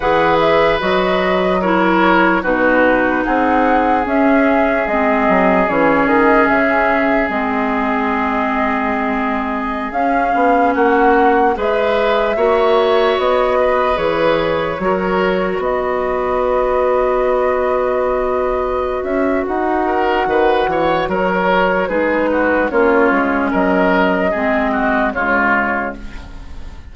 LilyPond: <<
  \new Staff \with { instrumentName = "flute" } { \time 4/4 \tempo 4 = 74 fis''8 e''8 dis''4 cis''4 b'4 | fis''4 e''4 dis''4 cis''8 dis''8 | e''4 dis''2.~ | dis''16 f''4 fis''4 e''4.~ e''16~ |
e''16 dis''4 cis''2 dis''8.~ | dis''2.~ dis''8 e''8 | fis''2 cis''4 b'4 | cis''4 dis''2 cis''4 | }
  \new Staff \with { instrumentName = "oboe" } { \time 4/4 b'2 ais'4 fis'4 | gis'1~ | gis'1~ | gis'4~ gis'16 fis'4 b'4 cis''8.~ |
cis''8. b'4. ais'4 b'8.~ | b'1~ | b'8 ais'8 b'8 cis''8 ais'4 gis'8 fis'8 | f'4 ais'4 gis'8 fis'8 f'4 | }
  \new Staff \with { instrumentName = "clarinet" } { \time 4/4 gis'4 fis'4 e'4 dis'4~ | dis'4 cis'4 c'4 cis'4~ | cis'4 c'2.~ | c'16 cis'2 gis'4 fis'8.~ |
fis'4~ fis'16 gis'4 fis'4.~ fis'16~ | fis'1~ | fis'2. dis'4 | cis'2 c'4 gis4 | }
  \new Staff \with { instrumentName = "bassoon" } { \time 4/4 e4 fis2 b,4 | c'4 cis'4 gis8 fis8 e8 dis8 | cis4 gis2.~ | gis16 cis'8 b8 ais4 gis4 ais8.~ |
ais16 b4 e4 fis4 b8.~ | b2.~ b8 cis'8 | dis'4 dis8 e8 fis4 gis4 | ais8 gis8 fis4 gis4 cis4 | }
>>